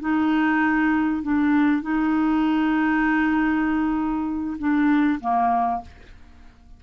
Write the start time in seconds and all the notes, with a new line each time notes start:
0.00 D#4
1.22 D4
1.82 D#4
4.58 D4
5.20 A#3